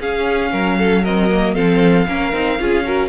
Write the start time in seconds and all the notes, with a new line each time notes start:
0.00 C#4 G#4 F5
0.52 F#3 A#4
0.79 A4
1.03 C4 A#4 D#5
1.31 A#3
1.55 F3 C4 A4 F5
2.08 A#3 C#4 A#4
2.33 C4 D#4
2.59 C#4 F4 G#4
2.84 F#4 A#4